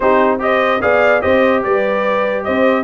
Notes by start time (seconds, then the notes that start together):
0.00 C4 D#4 G4 C5
0.39 G4 C5 D#5
0.81 B3 G#4 D5 F5
1.21 C4 G4 C5 D#5
1.63 G3 B4 D5
2.44 C4 C5 D#5